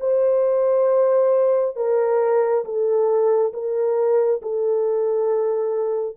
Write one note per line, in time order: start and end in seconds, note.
0.00 1.76 C5
1.76 2.64 A#4
2.65 3.53 A4
3.53 4.42 A#4
4.42 6.16 A4